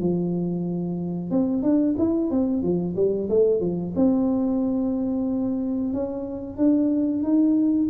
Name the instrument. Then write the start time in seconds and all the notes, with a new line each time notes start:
tuba
0.00 F3
1.31 C4
1.62 D4
1.98 E4
2.30 C4
2.63 F3
2.96 G3
3.29 A3
3.60 F3
3.96 C4
5.93 C#4
6.57 D4
7.23 D#4